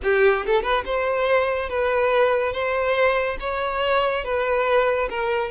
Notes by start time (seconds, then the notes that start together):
0.03 G4
0.46 A4
0.62 B4
0.85 C5
1.69 B4
2.52 C5
3.40 C#5
4.24 B4
5.09 A#4